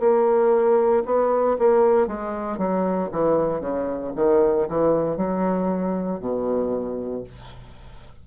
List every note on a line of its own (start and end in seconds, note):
0.00 1.03 A#3
1.06 1.58 B3
1.59 2.07 A#3
2.07 2.58 G#3
2.58 3.10 F#3
3.12 3.61 E3
3.61 4.12 C#3
4.16 4.68 D#3
4.69 5.17 E3
5.17 6.20 F#3
6.20 7.24 B2